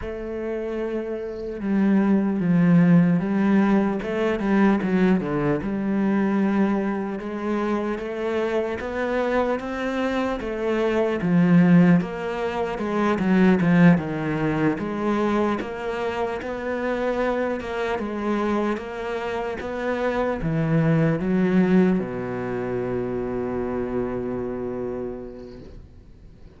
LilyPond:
\new Staff \with { instrumentName = "cello" } { \time 4/4 \tempo 4 = 75 a2 g4 f4 | g4 a8 g8 fis8 d8 g4~ | g4 gis4 a4 b4 | c'4 a4 f4 ais4 |
gis8 fis8 f8 dis4 gis4 ais8~ | ais8 b4. ais8 gis4 ais8~ | ais8 b4 e4 fis4 b,8~ | b,1 | }